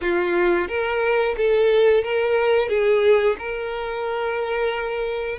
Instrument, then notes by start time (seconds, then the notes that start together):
violin
0.01 F4
0.67 A#4
1.37 A4
2.03 A#4
2.68 G#4
3.38 A#4